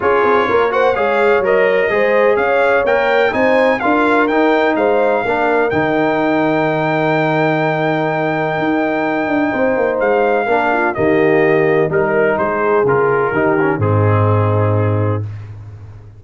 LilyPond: <<
  \new Staff \with { instrumentName = "trumpet" } { \time 4/4 \tempo 4 = 126 cis''4. fis''8 f''4 dis''4~ | dis''4 f''4 g''4 gis''4 | f''4 g''4 f''2 | g''1~ |
g''1~ | g''4 f''2 dis''4~ | dis''4 ais'4 c''4 ais'4~ | ais'4 gis'2. | }
  \new Staff \with { instrumentName = "horn" } { \time 4/4 gis'4 ais'8 c''8 cis''2 | c''4 cis''2 c''4 | ais'2 c''4 ais'4~ | ais'1~ |
ais'1 | c''2 ais'8 f'8 g'4~ | g'4 ais'4 gis'2 | g'4 dis'2. | }
  \new Staff \with { instrumentName = "trombone" } { \time 4/4 f'4. fis'8 gis'4 ais'4 | gis'2 ais'4 dis'4 | f'4 dis'2 d'4 | dis'1~ |
dis'1~ | dis'2 d'4 ais4~ | ais4 dis'2 f'4 | dis'8 cis'8 c'2. | }
  \new Staff \with { instrumentName = "tuba" } { \time 4/4 cis'8 c'8 ais4 gis4 fis4 | gis4 cis'4 ais4 c'4 | d'4 dis'4 gis4 ais4 | dis1~ |
dis2 dis'4. d'8 | c'8 ais8 gis4 ais4 dis4~ | dis4 g4 gis4 cis4 | dis4 gis,2. | }
>>